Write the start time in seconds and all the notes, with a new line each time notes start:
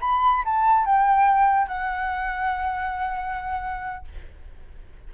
0.00 B5
0.45 A5
0.85 G5
1.67 F#5